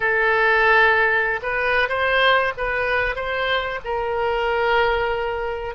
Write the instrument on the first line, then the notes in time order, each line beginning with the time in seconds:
oboe
0.00 A4
1.42 B4
1.89 C5
2.57 B4
3.15 C5
3.84 A#4